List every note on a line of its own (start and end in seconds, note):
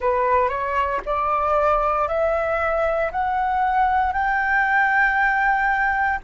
0.00 0.48 B4
0.48 1.00 C#5
1.05 2.07 D5
2.07 3.11 E5
3.11 4.12 F#5
4.12 6.19 G5